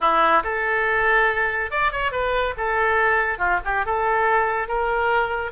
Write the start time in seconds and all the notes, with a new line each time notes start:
0.00 E4
0.43 A4
1.70 D5
1.91 C#5
2.11 B4
2.57 A4
3.38 F4
3.64 G4
3.85 A4
4.68 A#4